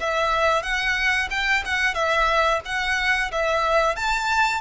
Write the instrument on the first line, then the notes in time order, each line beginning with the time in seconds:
violin
0.00 E5
0.63 F#5
1.30 G5
1.65 F#5
1.94 E5
2.65 F#5
3.31 E5
3.96 A5